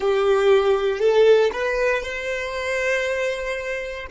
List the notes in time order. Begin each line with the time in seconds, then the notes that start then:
0.00 G4
0.99 A4
1.53 B4
2.02 C5